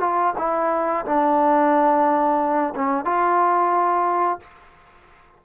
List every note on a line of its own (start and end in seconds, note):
0.00 0.34 F4
0.38 1.05 E4
1.06 2.74 D4
2.75 3.05 C#4
3.05 4.40 F4